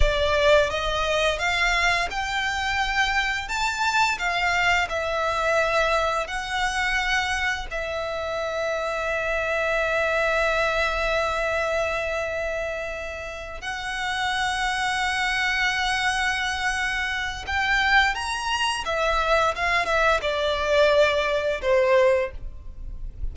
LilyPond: \new Staff \with { instrumentName = "violin" } { \time 4/4 \tempo 4 = 86 d''4 dis''4 f''4 g''4~ | g''4 a''4 f''4 e''4~ | e''4 fis''2 e''4~ | e''1~ |
e''2.~ e''8 fis''8~ | fis''1~ | fis''4 g''4 ais''4 e''4 | f''8 e''8 d''2 c''4 | }